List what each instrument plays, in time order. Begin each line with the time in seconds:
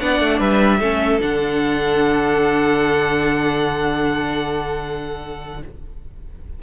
0.00 cello B3, viola D4, violin D5 F#5
0.21 cello A3
0.39 cello G3, violin B4 E5
0.80 cello A3, viola C#4, violin A4
1.20 cello D3, viola D4, violin F#5